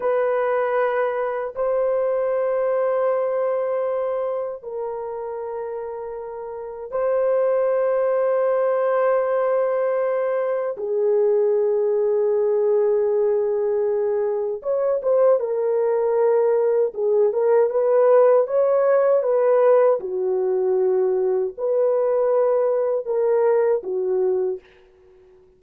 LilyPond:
\new Staff \with { instrumentName = "horn" } { \time 4/4 \tempo 4 = 78 b'2 c''2~ | c''2 ais'2~ | ais'4 c''2.~ | c''2 gis'2~ |
gis'2. cis''8 c''8 | ais'2 gis'8 ais'8 b'4 | cis''4 b'4 fis'2 | b'2 ais'4 fis'4 | }